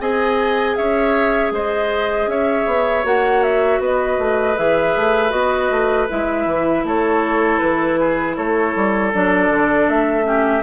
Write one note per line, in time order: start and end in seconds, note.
0.00 0.76 C4
0.00 3.04 G#4
0.00 0.77 D#5
0.00 0.76 G#5
0.76 1.51 C#4
0.76 1.53 C#5
0.76 1.52 E5
1.51 2.27 G#3
1.51 2.30 C5
1.51 2.29 D#5
2.27 2.65 C#4
2.27 3.81 C#5
2.27 3.05 E5
2.66 3.04 B3
3.04 3.79 A#3
3.04 4.56 F#4
3.04 3.43 F#5
3.43 3.81 E5
3.79 4.17 B3
3.79 6.84 B4
3.79 4.58 D#5
4.19 4.57 A3
4.56 4.96 E3
4.56 5.30 G#4
4.56 5.31 E5
4.97 5.32 A3
5.30 5.70 B3
5.30 6.06 F#4
5.30 6.07 D#5
5.71 6.09 A3
6.09 6.46 G#3
6.09 9.13 E4
6.09 6.86 E5
6.46 6.84 E3
6.84 7.60 A3
6.84 8.00 A4
6.84 7.59 C#5
7.59 8.38 E3
7.59 8.35 B4
8.00 8.36 G#4
8.36 8.76 A3
8.36 10.26 A4
8.36 9.12 C#5
8.76 9.14 G3
9.14 9.50 F#3
9.14 10.24 D4
9.14 9.89 D5
9.50 9.87 D3
9.88 10.63 A3
9.88 10.63 E5
10.24 10.62 C#4
10.24 10.63 G4